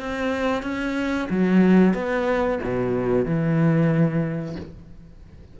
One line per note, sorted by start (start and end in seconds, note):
0.00 0.63 C4
0.63 1.28 C#4
1.30 1.94 F#3
1.94 2.59 B3
2.64 3.26 B2
3.26 4.56 E3